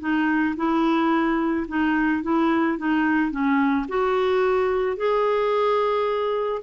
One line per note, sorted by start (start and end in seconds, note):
0.00 0.55 D#4
0.57 1.67 E4
1.68 2.23 D#4
2.23 2.78 E4
2.78 3.31 D#4
3.31 3.86 C#4
3.88 4.97 F#4
4.97 6.62 G#4